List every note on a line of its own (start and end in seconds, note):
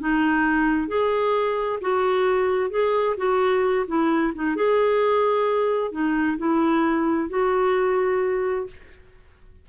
0.00 0.88 D#4
0.88 1.80 G#4
1.81 2.70 F#4
2.70 3.16 G#4
3.17 3.86 F#4
3.87 4.33 E4
4.35 4.56 D#4
4.56 5.92 G#4
5.92 6.37 D#4
6.38 7.29 E4
7.29 8.67 F#4